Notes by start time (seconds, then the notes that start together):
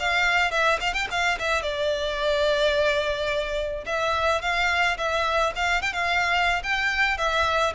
0.00 F5
0.52 E5
0.81 F5
0.94 G5
1.11 F5
1.39 E5
1.63 D5
3.86 E5
4.42 F5
4.98 E5
5.56 F5
5.82 G5
5.93 F5
6.64 G5
7.18 E5